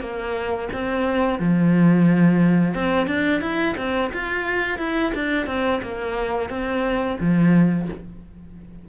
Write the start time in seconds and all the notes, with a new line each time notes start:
0.00 A#3
0.73 C4
1.39 F3
2.74 C4
3.07 D4
3.41 E4
3.77 C4
4.13 F4
4.78 E4
5.14 D4
5.46 C4
5.82 A#3
6.49 C4
7.20 F3